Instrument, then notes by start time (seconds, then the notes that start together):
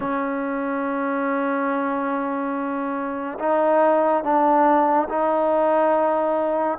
trombone
0.00 C#4
3.39 D#4
4.23 D4
5.09 D#4